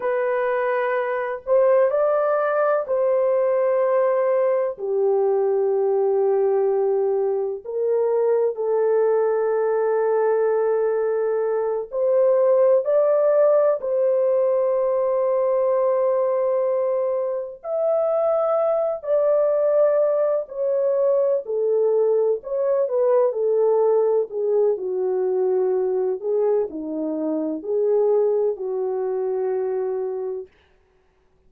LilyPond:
\new Staff \with { instrumentName = "horn" } { \time 4/4 \tempo 4 = 63 b'4. c''8 d''4 c''4~ | c''4 g'2. | ais'4 a'2.~ | a'8 c''4 d''4 c''4.~ |
c''2~ c''8 e''4. | d''4. cis''4 a'4 cis''8 | b'8 a'4 gis'8 fis'4. gis'8 | dis'4 gis'4 fis'2 | }